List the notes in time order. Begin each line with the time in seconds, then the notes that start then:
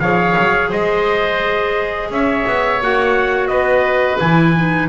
0.00 F3 G#4 C#5 F5
0.39 F#3
0.69 G#3 C5 D#5
2.10 C#4 C#5 E5
2.47 B3
2.82 A#3 F#4 F#5
3.48 B3 B4 D#5
4.19 E3 E4 G#5
4.56 D#4